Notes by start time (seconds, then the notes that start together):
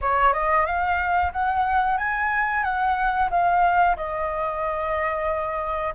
0.01 C#5
0.33 D#5
0.66 F5
1.32 F#5
1.97 G#5
2.63 F#5
3.30 F5
3.96 D#5